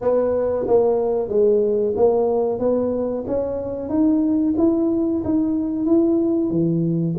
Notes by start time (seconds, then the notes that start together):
0.01 B3
0.67 A#3
1.28 G#3
1.96 A#3
2.59 B3
3.27 C#4
3.89 D#4
4.57 E4
5.24 D#4
5.85 E4
6.50 E3